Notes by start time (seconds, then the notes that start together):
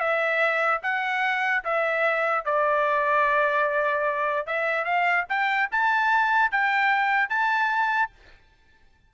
0.00 E5
0.83 F#5
1.64 E5
2.45 D5
4.47 E5
4.85 F5
5.29 G5
5.72 A5
6.51 G5
7.30 A5